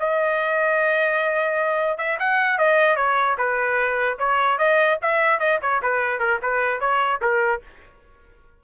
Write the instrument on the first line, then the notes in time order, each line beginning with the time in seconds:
trumpet
0.00 D#5
1.98 E5
2.19 F#5
2.58 D#5
2.96 C#5
3.38 B4
4.19 C#5
4.58 D#5
5.02 E5
5.39 D#5
5.62 C#5
5.82 B4
6.19 A#4
6.42 B4
6.80 C#5
7.21 A#4